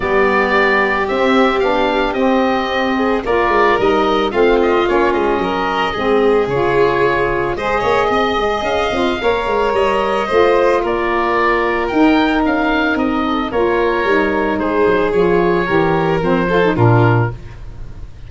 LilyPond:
<<
  \new Staff \with { instrumentName = "oboe" } { \time 4/4 \tempo 4 = 111 d''2 e''4 f''4 | dis''2 d''4 dis''4 | f''8 dis''8 cis''8 dis''2~ dis''8 | cis''2 dis''2 |
f''2 dis''2 | d''2 g''4 f''4 | dis''4 cis''2 c''4 | cis''2 c''4 ais'4 | }
  \new Staff \with { instrumentName = "violin" } { \time 4/4 g'1~ | g'4. gis'8 ais'2 | f'2 ais'4 gis'4~ | gis'2 c''8 cis''8 dis''4~ |
dis''4 cis''2 c''4 | ais'1~ | ais'8 a'8 ais'2 gis'4~ | gis'4 ais'4. a'8 f'4 | }
  \new Staff \with { instrumentName = "saxophone" } { \time 4/4 b2 c'4 d'4 | c'2 f'4 dis'4 | c'4 cis'2 c'4 | f'2 gis'2~ |
gis'8 f'8 ais'2 f'4~ | f'2 dis'2~ | dis'4 f'4 dis'2 | f'4 g'4 c'8 f'16 dis'16 d'4 | }
  \new Staff \with { instrumentName = "tuba" } { \time 4/4 g2 c'4 b4 | c'2 ais8 gis8 g4 | a4 ais8 gis8 fis4 gis4 | cis2 gis8 ais8 c'8 gis8 |
cis'8 c'8 ais8 gis8 g4 a4 | ais2 dis'4 cis'4 | c'4 ais4 g4 gis8 fis8 | f4 e4 f4 ais,4 | }
>>